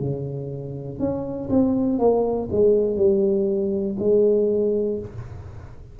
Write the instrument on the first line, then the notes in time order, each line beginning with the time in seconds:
tuba
0.00 C#3
0.99 C#4
1.50 C4
1.99 A#3
2.51 G#3
2.96 G3
3.99 G#3